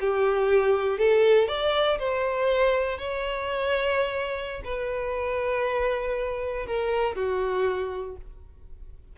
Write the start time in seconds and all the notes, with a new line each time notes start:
0.00 G4
0.98 A4
1.48 D5
1.98 C5
2.98 C#5
4.64 B4
6.66 A#4
7.15 F#4